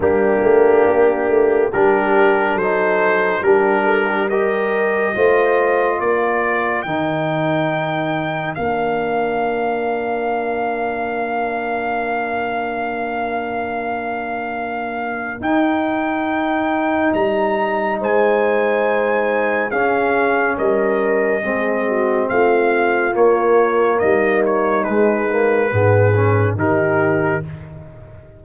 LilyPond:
<<
  \new Staff \with { instrumentName = "trumpet" } { \time 4/4 \tempo 4 = 70 g'2 ais'4 c''4 | ais'4 dis''2 d''4 | g''2 f''2~ | f''1~ |
f''2 g''2 | ais''4 gis''2 f''4 | dis''2 f''4 cis''4 | dis''8 cis''8 b'2 ais'4 | }
  \new Staff \with { instrumentName = "horn" } { \time 4/4 d'2 g'4 a'4 | g'8 a'16 g'16 ais'4 c''4 ais'4~ | ais'1~ | ais'1~ |
ais'1~ | ais'4 c''2 gis'4 | ais'4 gis'8 fis'8 f'2 | dis'2 gis'4 g'4 | }
  \new Staff \with { instrumentName = "trombone" } { \time 4/4 ais2 d'4 dis'4 | d'4 g'4 f'2 | dis'2 d'2~ | d'1~ |
d'2 dis'2~ | dis'2. cis'4~ | cis'4 c'2 ais4~ | ais4 gis8 ais8 b8 cis'8 dis'4 | }
  \new Staff \with { instrumentName = "tuba" } { \time 4/4 g8 a8 ais8 a8 g4 fis4 | g2 a4 ais4 | dis2 ais2~ | ais1~ |
ais2 dis'2 | g4 gis2 cis'4 | g4 gis4 a4 ais4 | g4 gis4 gis,4 dis4 | }
>>